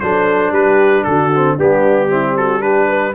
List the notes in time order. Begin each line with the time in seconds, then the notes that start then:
0.00 F#3 D4 A4 C5
0.51 G3 G4 B4
1.04 D3 F#4 A4
1.34 C4
1.56 G3 B3 D4 G4
2.09 C4 E4
2.37 F#4 A4
2.60 D4 G4 B4
2.89 B4